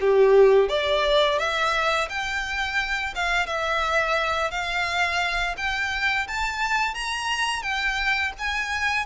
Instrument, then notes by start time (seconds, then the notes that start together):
violin
0.00 G4
0.68 D5
1.38 E5
2.09 G5
3.15 F5
3.46 E5
4.50 F5
5.57 G5
6.27 A5
6.94 A#5
7.62 G5
8.38 G#5